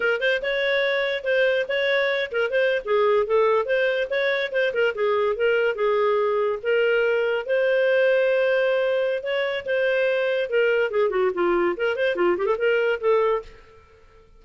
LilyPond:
\new Staff \with { instrumentName = "clarinet" } { \time 4/4 \tempo 4 = 143 ais'8 c''8 cis''2 c''4 | cis''4. ais'8 c''8. gis'4 a'16~ | a'8. c''4 cis''4 c''8 ais'8 gis'16~ | gis'8. ais'4 gis'2 ais'16~ |
ais'4.~ ais'16 c''2~ c''16~ | c''2 cis''4 c''4~ | c''4 ais'4 gis'8 fis'8 f'4 | ais'8 c''8 f'8 g'16 a'16 ais'4 a'4 | }